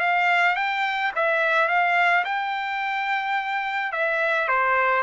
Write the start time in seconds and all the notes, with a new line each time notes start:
0.00 F5
0.56 G5
1.16 E5
1.68 F5
2.25 G5
3.93 E5
4.49 C5